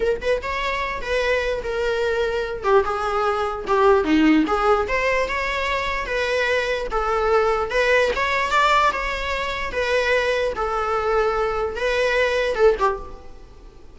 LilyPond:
\new Staff \with { instrumentName = "viola" } { \time 4/4 \tempo 4 = 148 ais'8 b'8 cis''4. b'4. | ais'2~ ais'8 g'8 gis'4~ | gis'4 g'4 dis'4 gis'4 | c''4 cis''2 b'4~ |
b'4 a'2 b'4 | cis''4 d''4 cis''2 | b'2 a'2~ | a'4 b'2 a'8 g'8 | }